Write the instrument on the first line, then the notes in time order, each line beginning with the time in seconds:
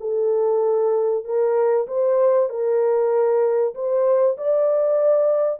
horn
0.00 A4
1.25 A#4
1.88 C5
2.49 A#4
3.75 C5
4.37 D5